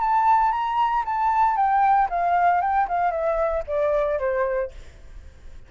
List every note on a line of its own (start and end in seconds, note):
0.00 0.52 A5
0.52 1.04 A#5
1.06 1.57 A5
1.57 2.09 G5
2.09 2.61 F5
2.61 2.87 G5
2.89 3.11 F5
3.11 3.63 E5
3.67 4.19 D5
4.19 4.71 C5